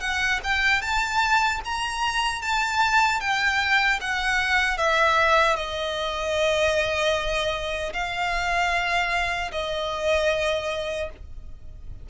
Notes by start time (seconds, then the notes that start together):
0.00 F#5
0.43 G5
0.81 A5
1.65 A#5
2.42 A5
3.20 G5
4.01 F#5
4.77 E5
5.56 D#5
7.93 F5
9.51 D#5